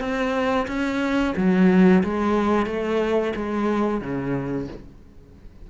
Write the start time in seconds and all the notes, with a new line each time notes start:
0.00 C4
0.68 C#4
1.37 F#3
2.04 G#3
2.66 A3
3.36 G#3
4.01 C#3